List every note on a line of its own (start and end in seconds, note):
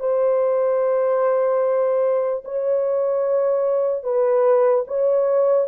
0.00 2.43 C5
2.45 4.04 C#5
4.04 4.85 B4
4.88 5.68 C#5